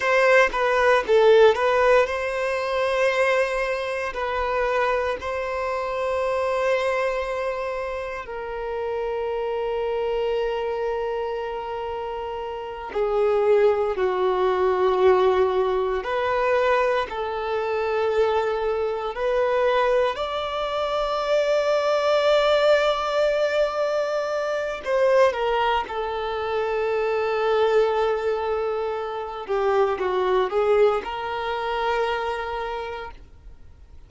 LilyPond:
\new Staff \with { instrumentName = "violin" } { \time 4/4 \tempo 4 = 58 c''8 b'8 a'8 b'8 c''2 | b'4 c''2. | ais'1~ | ais'8 gis'4 fis'2 b'8~ |
b'8 a'2 b'4 d''8~ | d''1 | c''8 ais'8 a'2.~ | a'8 g'8 fis'8 gis'8 ais'2 | }